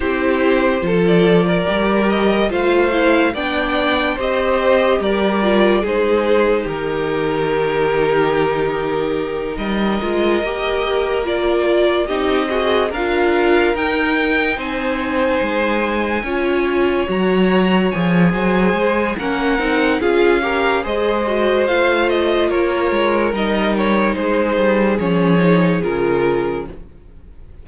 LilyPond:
<<
  \new Staff \with { instrumentName = "violin" } { \time 4/4 \tempo 4 = 72 c''4~ c''16 d''4~ d''16 dis''8 f''4 | g''4 dis''4 d''4 c''4 | ais'2.~ ais'8 dis''8~ | dis''4. d''4 dis''4 f''8~ |
f''8 g''4 gis''2~ gis''8~ | gis''8 ais''4 gis''4. fis''4 | f''4 dis''4 f''8 dis''8 cis''4 | dis''8 cis''8 c''4 cis''4 ais'4 | }
  \new Staff \with { instrumentName = "violin" } { \time 4/4 g'4 a'8. ais'4~ ais'16 c''4 | d''4 c''4 ais'4 gis'4 | g'2.~ g'8 ais'8~ | ais'2~ ais'8 g'8 fis'8 ais'8~ |
ais'4. c''2 cis''8~ | cis''2 c''4 ais'4 | gis'8 ais'8 c''2 ais'4~ | ais'4 gis'2. | }
  \new Staff \with { instrumentName = "viola" } { \time 4/4 e'4 f'4 g'4 f'8 e'8 | d'4 g'4. f'8 dis'4~ | dis'1 | f'8 g'4 f'4 dis'8 gis'8 f'8~ |
f'8 dis'2. f'8~ | f'8 fis'4 gis'4. cis'8 dis'8 | f'8 g'8 gis'8 fis'8 f'2 | dis'2 cis'8 dis'8 f'4 | }
  \new Staff \with { instrumentName = "cello" } { \time 4/4 c'4 f4 g4 a4 | b4 c'4 g4 gis4 | dis2.~ dis8 g8 | gis8 ais2 c'4 d'8~ |
d'8 dis'4 c'4 gis4 cis'8~ | cis'8 fis4 f8 fis8 gis8 ais8 c'8 | cis'4 gis4 a4 ais8 gis8 | g4 gis8 g8 f4 cis4 | }
>>